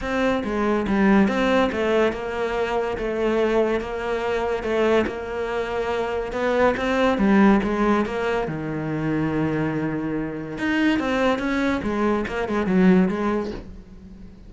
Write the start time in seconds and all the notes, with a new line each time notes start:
0.01 C4
0.44 G#3
0.87 G3
1.28 C4
1.72 A3
2.12 A#3
2.97 A3
3.80 A#3
4.63 A3
5.06 A#3
6.32 B3
6.76 C4
7.18 G3
7.63 G#3
8.05 A#3
8.47 D#3
10.58 D#4
10.99 C4
11.38 C#4
11.82 G#3
12.27 A#3
12.48 G#3
12.66 F#3
13.08 G#3